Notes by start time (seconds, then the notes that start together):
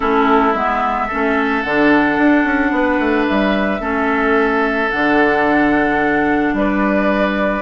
0.00 A3 C#4 E4 A4
0.53 G#3 B3 E5
1.07 C#4 A4
1.13 A3
1.62 D3 D4 F#5
2.18 D4
2.44 C#4
2.71 B3 B4
2.99 A3
3.27 G3 E5
3.80 A3 C#4 A4
4.91 D3 D4 F#5
6.53 G3 B4 D5